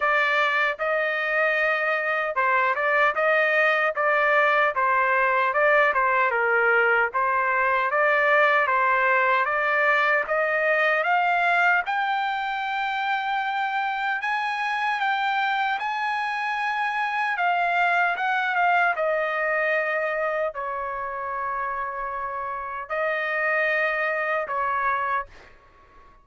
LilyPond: \new Staff \with { instrumentName = "trumpet" } { \time 4/4 \tempo 4 = 76 d''4 dis''2 c''8 d''8 | dis''4 d''4 c''4 d''8 c''8 | ais'4 c''4 d''4 c''4 | d''4 dis''4 f''4 g''4~ |
g''2 gis''4 g''4 | gis''2 f''4 fis''8 f''8 | dis''2 cis''2~ | cis''4 dis''2 cis''4 | }